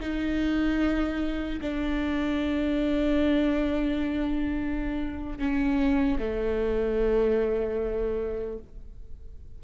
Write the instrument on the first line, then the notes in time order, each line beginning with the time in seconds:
viola
0.00 D#4
1.61 D4
5.39 C#4
6.19 A3